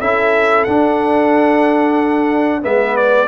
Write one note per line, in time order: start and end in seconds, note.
0.00 0.67 C#4
0.00 0.68 E4
0.00 2.64 A4
0.00 0.65 E5
0.65 2.65 D4
0.65 2.62 D4
0.65 2.62 F#5
2.62 3.29 G#3
2.62 3.28 B3
2.62 3.29 B4
2.62 2.97 E5
2.97 3.29 D5